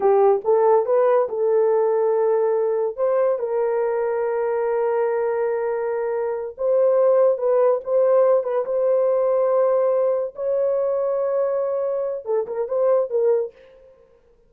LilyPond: \new Staff \with { instrumentName = "horn" } { \time 4/4 \tempo 4 = 142 g'4 a'4 b'4 a'4~ | a'2. c''4 | ais'1~ | ais'2.~ ais'8 c''8~ |
c''4. b'4 c''4. | b'8 c''2.~ c''8~ | c''8 cis''2.~ cis''8~ | cis''4 a'8 ais'8 c''4 ais'4 | }